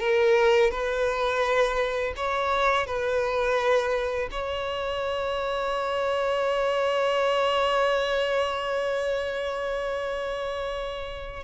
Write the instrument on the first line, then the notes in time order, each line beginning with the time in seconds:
violin
0.00 A#4
0.71 B4
2.17 C#5
2.87 B4
4.31 C#5